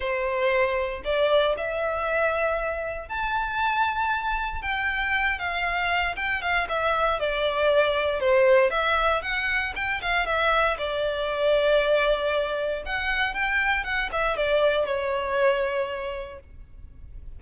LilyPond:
\new Staff \with { instrumentName = "violin" } { \time 4/4 \tempo 4 = 117 c''2 d''4 e''4~ | e''2 a''2~ | a''4 g''4. f''4. | g''8 f''8 e''4 d''2 |
c''4 e''4 fis''4 g''8 f''8 | e''4 d''2.~ | d''4 fis''4 g''4 fis''8 e''8 | d''4 cis''2. | }